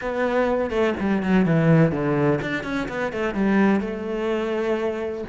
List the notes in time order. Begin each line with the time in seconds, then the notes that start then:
0.01 B3
0.70 A3
0.99 G3
1.22 F#3
1.45 E3
1.91 D3
2.41 D4
2.63 C#4
2.88 B3
3.12 A3
3.34 G3
3.80 A3